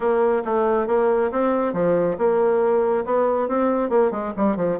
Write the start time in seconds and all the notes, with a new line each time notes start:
0.00 A#3
0.44 A3
0.87 A#3
1.31 C4
1.73 F3
2.17 A#3
3.05 B3
3.48 C4
3.89 A#3
4.11 G#3
4.36 G3
4.56 F3